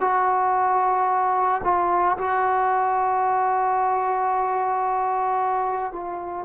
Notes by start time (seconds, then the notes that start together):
0.00 F#4
1.63 F4
2.17 F#4
5.92 F4